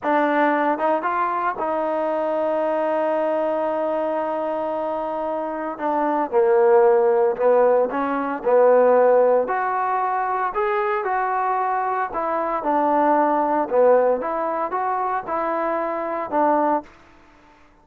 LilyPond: \new Staff \with { instrumentName = "trombone" } { \time 4/4 \tempo 4 = 114 d'4. dis'8 f'4 dis'4~ | dis'1~ | dis'2. d'4 | ais2 b4 cis'4 |
b2 fis'2 | gis'4 fis'2 e'4 | d'2 b4 e'4 | fis'4 e'2 d'4 | }